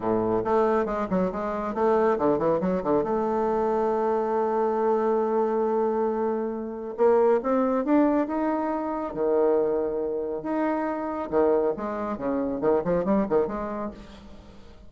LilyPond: \new Staff \with { instrumentName = "bassoon" } { \time 4/4 \tempo 4 = 138 a,4 a4 gis8 fis8 gis4 | a4 d8 e8 fis8 d8 a4~ | a1~ | a1 |
ais4 c'4 d'4 dis'4~ | dis'4 dis2. | dis'2 dis4 gis4 | cis4 dis8 f8 g8 dis8 gis4 | }